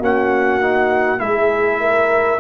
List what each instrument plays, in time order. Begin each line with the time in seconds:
0.00 tuba A#3, trombone C#4, horn F#4, trumpet F#5
0.61 trombone D#4
1.19 tuba G#3, trombone E4, horn G#4, trumpet E5
1.80 horn A#4